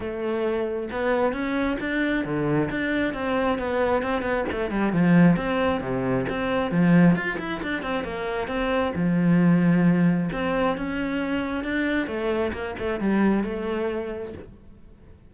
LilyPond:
\new Staff \with { instrumentName = "cello" } { \time 4/4 \tempo 4 = 134 a2 b4 cis'4 | d'4 d4 d'4 c'4 | b4 c'8 b8 a8 g8 f4 | c'4 c4 c'4 f4 |
f'8 e'8 d'8 c'8 ais4 c'4 | f2. c'4 | cis'2 d'4 a4 | ais8 a8 g4 a2 | }